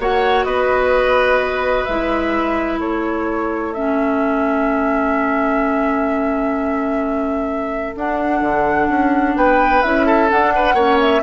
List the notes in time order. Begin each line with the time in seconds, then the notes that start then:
0.00 A#3 F#4 C#5 F#5
0.44 B3 B4 D#5
1.85 G#3 E4 E5
2.80 A3 A4 C#5
3.73 C#4 E5
7.96 D4 F#5
8.41 D3
8.89 C#4
9.36 B3 B4 G5
9.83 C#4 E4 E5
10.07 A4
10.29 D4 F#5
10.56 B4
10.74 A#3 C#4 C#5
11.01 E5